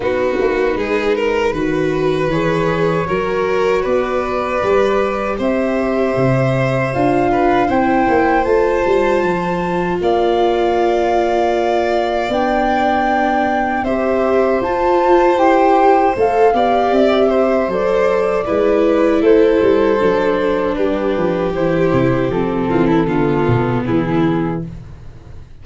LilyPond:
<<
  \new Staff \with { instrumentName = "flute" } { \time 4/4 \tempo 4 = 78 b'2. cis''4~ | cis''4 d''2 e''4~ | e''4 f''4 g''4 a''4~ | a''4 f''2. |
g''2 e''4 a''4 | g''4 f''4 e''4 d''4~ | d''4 c''2 b'4 | c''4 a'2 gis'4 | }
  \new Staff \with { instrumentName = "violin" } { \time 4/4 fis'4 gis'8 ais'8 b'2 | ais'4 b'2 c''4~ | c''4. b'8 c''2~ | c''4 d''2.~ |
d''2 c''2~ | c''4. d''4 c''4. | b'4 a'2 g'4~ | g'4. f'16 e'16 f'4 e'4 | }
  \new Staff \with { instrumentName = "viola" } { \time 4/4 dis'2 fis'4 gis'4 | fis'2 g'2~ | g'4 f'4 e'4 f'4~ | f'1 |
d'2 g'4 f'4 | g'4 a'8 g'4. a'4 | e'2 d'2 | e'4 c'4 b2 | }
  \new Staff \with { instrumentName = "tuba" } { \time 4/4 b8 ais8 gis4 dis4 e4 | fis4 b4 g4 c'4 | c4 d'4 c'8 ais8 a8 g8 | f4 ais2. |
b2 c'4 f'4 | e'4 a8 b8 c'4 fis4 | gis4 a8 g8 fis4 g8 f8 | e8 c8 f8 e8 d8 b,8 e4 | }
>>